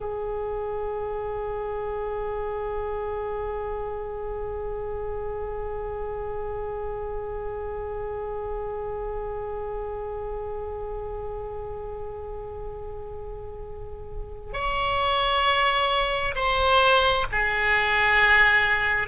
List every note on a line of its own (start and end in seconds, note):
0.00 14.52 G#4
14.52 16.34 C#5
16.35 17.26 C5
17.31 19.07 G#4